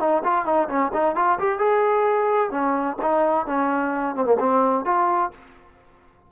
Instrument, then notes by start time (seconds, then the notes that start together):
trombone
0.00 D#4
0.24 F4
0.46 D#4
0.69 C#4
0.94 D#4
1.16 F4
1.39 G4
1.59 G#4
2.51 C#4
3.02 D#4
3.47 C#4
4.16 C4
4.25 A#3
4.40 C4
4.85 F4